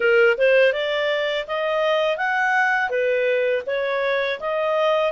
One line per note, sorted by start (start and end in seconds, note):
0.00 0.37 A#4
0.37 0.73 C5
0.73 1.46 D5
1.47 2.17 D#5
2.17 2.89 F#5
2.89 3.62 B4
3.66 4.39 C#5
4.40 5.12 D#5